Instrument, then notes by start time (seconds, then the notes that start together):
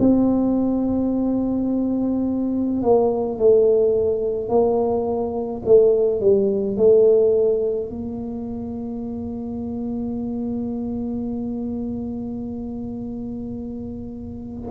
tuba
0.00 C4
2.83 A#3
3.39 A3
4.49 A#3
5.66 A3
6.21 G3
6.77 A3
7.90 A#3